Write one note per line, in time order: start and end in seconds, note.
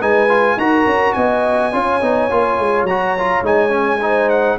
0.00 0.57 G#3
0.00 0.29 D#4
0.00 0.57 B4
0.00 0.59 G#5
0.30 0.58 F4
0.57 0.86 D#4
0.57 1.73 F#4
0.57 1.16 A#4
0.57 1.13 A#5
0.86 1.15 C#4
1.13 1.74 B3
1.13 1.73 D#5
1.13 2.85 G#5
1.73 2.02 C#4
1.73 2.01 F4
1.73 4.02 C#5
2.02 2.31 B3
2.02 2.30 D#4
2.31 2.59 A#3
2.31 2.88 F4
2.59 2.84 G#3
2.84 3.41 F#3
2.84 3.43 A#5
2.90 3.18 F#4
3.19 3.45 F4
3.43 4.57 G#3
3.43 3.70 D#4
3.43 4.30 G#5
3.70 3.98 C#4
4.02 4.59 D#4
4.02 4.59 C5
4.30 4.58 F#5